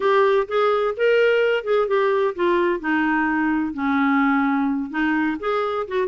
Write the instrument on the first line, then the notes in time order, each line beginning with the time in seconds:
clarinet
0.00 G4
0.48 G#4
0.96 A#4
1.64 G#4
1.87 G4
2.35 F4
2.80 D#4
3.73 C#4
4.90 D#4
5.39 G#4
5.87 F#4